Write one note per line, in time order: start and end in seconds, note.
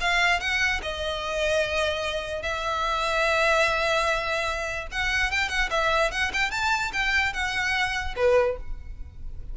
0.00 0.40 F5
0.40 0.80 F#5
0.82 2.42 D#5
2.42 4.87 E5
4.91 5.31 F#5
5.31 5.49 G5
5.49 5.69 F#5
5.70 6.11 E5
6.11 6.31 F#5
6.33 6.50 G5
6.50 6.91 A5
6.92 7.33 G5
7.33 8.14 F#5
8.16 8.56 B4